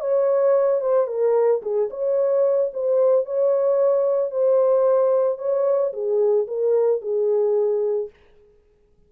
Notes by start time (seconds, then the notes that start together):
0.00 C#5
0.81 C5
1.07 A#4
1.62 G#4
1.90 C#5
2.73 C5
3.25 C#5
4.31 C5
5.38 C#5
5.93 G#4
6.47 A#4
7.01 G#4